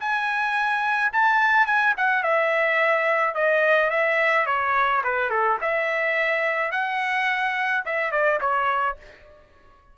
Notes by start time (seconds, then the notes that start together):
0.00 G#5
1.13 A5
1.67 G#5
1.98 F#5
2.24 E5
3.35 D#5
3.90 E5
4.46 C#5
5.04 B4
5.30 A4
5.62 E5
6.72 F#5
7.86 E5
8.12 D5
8.41 C#5